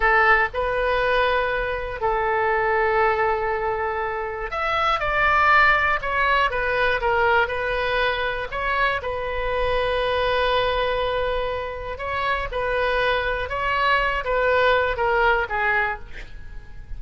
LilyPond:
\new Staff \with { instrumentName = "oboe" } { \time 4/4 \tempo 4 = 120 a'4 b'2. | a'1~ | a'4 e''4 d''2 | cis''4 b'4 ais'4 b'4~ |
b'4 cis''4 b'2~ | b'1 | cis''4 b'2 cis''4~ | cis''8 b'4. ais'4 gis'4 | }